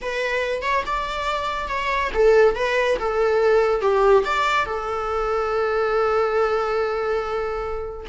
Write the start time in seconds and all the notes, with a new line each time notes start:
0.01 B4
0.62 C#5
0.85 D5
1.68 C#5
2.14 A4
2.55 B4
2.99 A4
3.81 G4
4.24 D5
4.65 A4